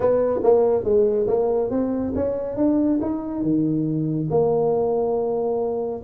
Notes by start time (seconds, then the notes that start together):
0.00 B3
0.43 A#3
0.84 G#3
1.27 A#3
1.70 C4
2.15 C#4
2.56 D4
3.01 D#4
3.42 D#3
4.30 A#3